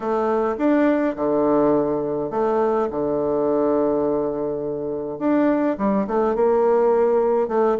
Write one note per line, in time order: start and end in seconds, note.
0.00 0.56 A3
0.57 1.15 D4
1.16 2.30 D3
2.30 2.88 A3
2.90 5.18 D3
5.18 5.76 D4
5.77 6.06 G3
6.07 6.35 A3
6.35 7.48 A#3
7.48 7.76 A3